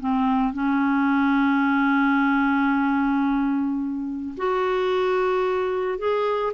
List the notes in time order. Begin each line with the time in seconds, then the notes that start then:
0.00 C4
0.53 C#4
4.38 F#4
5.99 G#4